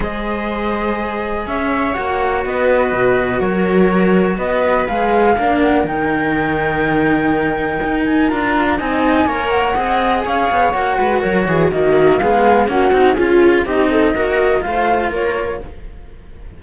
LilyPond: <<
  \new Staff \with { instrumentName = "flute" } { \time 4/4 \tempo 4 = 123 dis''2. e''4 | fis''4 dis''2 cis''4~ | cis''4 dis''4 f''4. fis''8 | g''1~ |
g''8 gis''8 ais''4 gis''4. fis''8~ | fis''4 f''4 fis''4 cis''4 | dis''4 f''4 fis''4 gis'4 | dis''2 f''4 cis''4 | }
  \new Staff \with { instrumentName = "viola" } { \time 4/4 c''2. cis''4~ | cis''4 b'2 ais'4~ | ais'4 b'2 ais'4~ | ais'1~ |
ais'2 dis''4 cis''4 | dis''4 cis''4. b'8 ais'8 gis'8 | fis'4 gis'4 fis'4 f'4 | g'8 a'8 ais'4 c''4 ais'4 | }
  \new Staff \with { instrumentName = "cello" } { \time 4/4 gis'1 | fis'1~ | fis'2 gis'4 d'4 | dis'1~ |
dis'4 f'4 dis'4 ais'4 | gis'2 fis'2 | ais4 b4 cis'8 dis'8 f'4 | dis'4 fis'4 f'2 | }
  \new Staff \with { instrumentName = "cello" } { \time 4/4 gis2. cis'4 | ais4 b4 b,4 fis4~ | fis4 b4 gis4 ais4 | dis1 |
dis'4 d'4 c'4 ais4 | c'4 cis'8 b8 ais8 gis8 fis8 e8 | dis4 gis4 ais8 c'8 cis'4 | c'4 ais4 a4 ais4 | }
>>